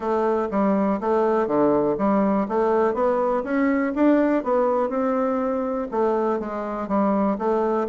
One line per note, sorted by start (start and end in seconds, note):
0.00 0.48 A3
0.51 1.00 G3
1.00 1.47 A3
1.47 1.96 D3
1.98 2.47 G3
2.48 2.94 A3
2.94 3.43 B3
3.43 3.93 C#4
3.95 4.43 D4
4.43 4.89 B3
4.89 5.87 C4
5.91 6.39 A3
6.39 6.87 G#3
6.87 7.37 G3
7.38 7.87 A3